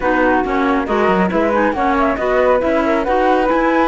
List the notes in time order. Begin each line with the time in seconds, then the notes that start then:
0.00 B3 D#4 F#4 B4
0.44 A#3 C#4 C#5
0.86 G#3 F#4 A#4 D#5
1.08 F#3
1.28 G#3 E4 B4 E5
1.52 D#4 G#5
1.72 A#3 C#4 C#5 F#5
1.99 E5
2.16 B3 F#4 B4 D#5
2.59 C#4 E4 E5
2.84 A#4
3.03 D#4 F#4 B4 F#5
3.45 E4 G#5
3.52 E4